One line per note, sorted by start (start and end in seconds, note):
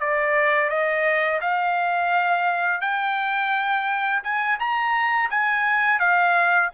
0.00 0.70 D5
0.70 1.40 D#5
1.41 2.81 F5
2.81 4.22 G5
4.24 4.59 G#5
4.59 5.30 A#5
5.30 5.99 G#5
5.99 6.70 F5